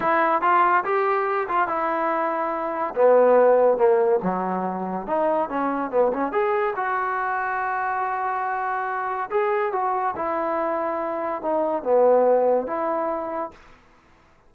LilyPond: \new Staff \with { instrumentName = "trombone" } { \time 4/4 \tempo 4 = 142 e'4 f'4 g'4. f'8 | e'2. b4~ | b4 ais4 fis2 | dis'4 cis'4 b8 cis'8 gis'4 |
fis'1~ | fis'2 gis'4 fis'4 | e'2. dis'4 | b2 e'2 | }